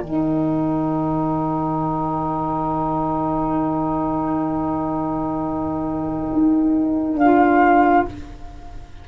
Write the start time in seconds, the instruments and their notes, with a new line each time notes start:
0.00 tuba D#3, saxophone D#4, violin A#4, flute G5
6.33 tuba D#4
7.14 tuba D4, flute F5
7.21 saxophone F4